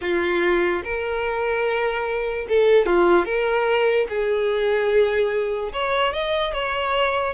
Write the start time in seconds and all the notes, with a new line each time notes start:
0.01 F4
0.83 A#4
2.48 A4
2.86 F4
3.25 A#4
4.09 G#4
5.72 C#5
6.13 D#5
6.53 C#5